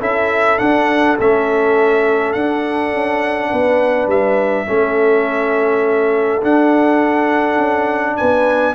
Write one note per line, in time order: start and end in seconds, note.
0.00 0.59 C#4
0.00 0.59 E4
0.00 3.50 A4
0.00 0.59 E5
0.59 1.17 D4
0.59 1.19 D4
0.59 1.17 F#5
1.20 2.35 A3
1.20 2.37 C#4
1.20 2.33 E5
2.33 2.94 D4
2.33 4.67 D4
2.33 4.08 F#5
2.94 3.52 C#4
3.50 4.08 B3
3.50 4.67 B4
4.08 4.66 G3
4.08 6.43 E5
4.67 6.43 A3
4.67 6.42 C#4
4.67 8.17 A4
6.42 8.75 D4
6.42 7.58 D4
6.42 8.17 F#5
7.58 8.16 C#4
8.17 8.75 B3
8.17 8.75 B4
8.17 8.75 G#5